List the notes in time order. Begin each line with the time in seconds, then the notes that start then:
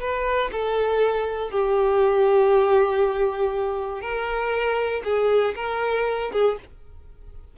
0.00 B4
0.52 A4
1.51 G4
4.02 A#4
5.04 G#4
5.56 A#4
6.32 G#4